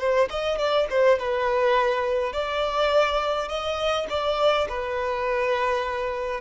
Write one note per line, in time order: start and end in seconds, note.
0.00 0.29 C5
0.30 0.58 D#5
0.58 0.87 D5
0.90 1.19 C5
1.19 2.33 B4
2.33 3.49 D5
3.49 4.07 D#5
4.10 4.68 D5
4.69 6.41 B4